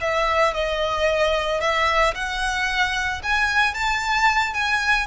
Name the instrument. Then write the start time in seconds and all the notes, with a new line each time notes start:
violin
0.00 E5
0.53 D#5
1.60 E5
2.14 F#5
3.23 G#5
3.74 A5
4.53 G#5